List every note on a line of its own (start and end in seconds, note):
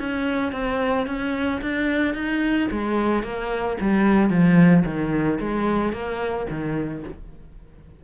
0.00 0.53 C#4
0.53 1.07 C4
1.07 1.61 C#4
1.62 2.14 D4
2.14 2.69 D#4
2.71 3.23 G#3
3.23 3.77 A#3
3.81 4.30 G3
4.30 4.84 F3
4.85 5.39 D#3
5.40 5.93 G#3
5.93 6.47 A#3
6.50 7.04 D#3